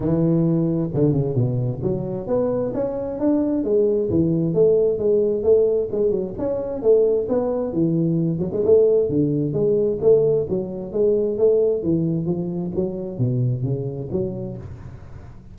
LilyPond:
\new Staff \with { instrumentName = "tuba" } { \time 4/4 \tempo 4 = 132 e2 d8 cis8 b,4 | fis4 b4 cis'4 d'4 | gis4 e4 a4 gis4 | a4 gis8 fis8 cis'4 a4 |
b4 e4. fis16 gis16 a4 | d4 gis4 a4 fis4 | gis4 a4 e4 f4 | fis4 b,4 cis4 fis4 | }